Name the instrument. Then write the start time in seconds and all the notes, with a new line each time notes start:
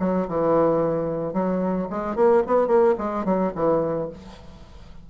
bassoon
0.00 F#3
0.28 E3
1.33 F#3
1.90 G#3
2.16 A#3
2.47 B3
2.67 A#3
2.98 G#3
3.25 F#3
3.55 E3